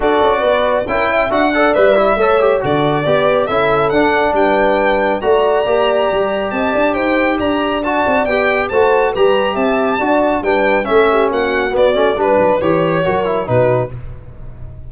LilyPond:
<<
  \new Staff \with { instrumentName = "violin" } { \time 4/4 \tempo 4 = 138 d''2 g''4 fis''4 | e''2 d''2 | e''4 fis''4 g''2 | ais''2. a''4 |
g''4 ais''4 a''4 g''4 | a''4 ais''4 a''2 | g''4 e''4 fis''4 d''4 | b'4 cis''2 b'4 | }
  \new Staff \with { instrumentName = "horn" } { \time 4/4 a'4 b'4 ais'8 e''4 d''8~ | d''4 cis''4 a'4 b'4 | a'2 b'2 | d''2. dis''8 d''8 |
c''4 d''2. | c''4 b'4 e''4 d''4 | b'4 a'8 g'8 fis'2 | b'2 ais'4 fis'4 | }
  \new Staff \with { instrumentName = "trombone" } { \time 4/4 fis'2 e'4 fis'8 a'8 | b'8 e'8 a'8 g'8 fis'4 g'4 | e'4 d'2. | fis'4 g'2.~ |
g'2 fis'4 g'4 | fis'4 g'2 fis'4 | d'4 cis'2 b8 cis'8 | d'4 g'4 fis'8 e'8 dis'4 | }
  \new Staff \with { instrumentName = "tuba" } { \time 4/4 d'8 cis'8 b4 cis'4 d'4 | g4 a4 d4 b4 | cis'4 d'4 g2 | a4 ais4 g4 c'8 d'8 |
dis'4 d'4. c'8 b4 | a4 g4 c'4 d'4 | g4 a4 ais4 b8 a8 | g8 fis8 e4 fis4 b,4 | }
>>